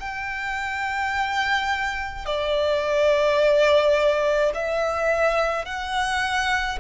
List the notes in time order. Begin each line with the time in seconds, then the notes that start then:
0.00 G5
2.26 D5
4.54 E5
5.66 F#5